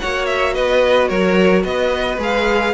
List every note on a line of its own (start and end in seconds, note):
0.00 0.59 A#3
0.00 2.20 F#4
0.00 0.55 C#5
0.00 0.26 F#5
0.26 0.54 E5
0.54 1.10 B3
0.54 1.09 B4
0.54 1.09 D#5
1.09 1.64 F#3
1.09 1.64 A#4
1.09 1.64 C#5
1.64 2.18 B3
1.64 2.74 B4
1.64 2.19 D#5
2.18 2.73 G#3
2.18 2.74 G#4
2.18 2.74 F5